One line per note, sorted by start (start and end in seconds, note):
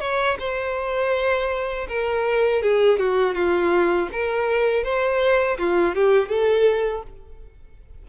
0.00 0.37 C#5
0.39 1.88 C5
1.89 2.62 A#4
2.62 2.99 G#4
2.99 3.35 F#4
3.35 4.09 F4
4.12 4.84 A#4
4.84 5.58 C5
5.58 5.95 F4
5.95 6.29 G4
6.29 7.03 A4